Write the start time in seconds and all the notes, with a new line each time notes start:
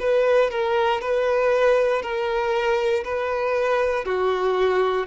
0.00 B4
0.51 A#4
1.01 B4
2.02 A#4
3.05 B4
4.05 F#4